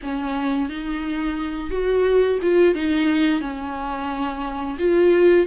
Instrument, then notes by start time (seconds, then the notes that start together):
viola
0.02 C#4
0.68 D#4
1.70 F#4
2.41 F4
2.75 D#4
3.41 C#4
4.79 F4